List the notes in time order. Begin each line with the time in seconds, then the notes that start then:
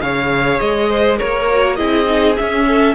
0.00 C#3 G#4 C#5 F5
0.59 G#3 D#5
0.89 C5
1.17 A#3 A#4 C#5
1.51 F#4
1.76 C4 E4 G#4 D#5
2.05 D#4
2.37 C#4 E5
2.67 A4